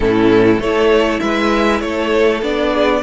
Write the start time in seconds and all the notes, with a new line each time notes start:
0.00 A2 C#4 E4 A4
0.58 A3 E4 A4 C#5
1.19 G#3 B4 E5
1.80 A3 A4 C#5
2.42 B3 D4 D5
2.73 G#4